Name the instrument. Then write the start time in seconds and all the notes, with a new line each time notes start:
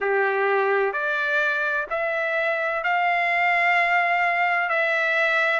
trumpet
0.00 G4
0.92 D5
1.90 E5
2.83 F5
4.69 E5